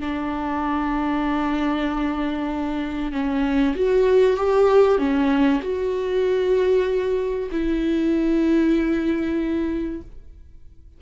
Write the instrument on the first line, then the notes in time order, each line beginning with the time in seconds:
viola
0.00 D4
3.12 C#4
3.76 F#4
4.37 G4
4.98 C#4
5.62 F#4
7.52 E4